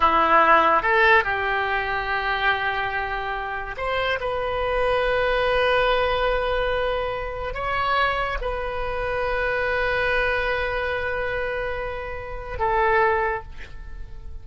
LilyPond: \new Staff \with { instrumentName = "oboe" } { \time 4/4 \tempo 4 = 143 e'2 a'4 g'4~ | g'1~ | g'4 c''4 b'2~ | b'1~ |
b'2 cis''2 | b'1~ | b'1~ | b'2 a'2 | }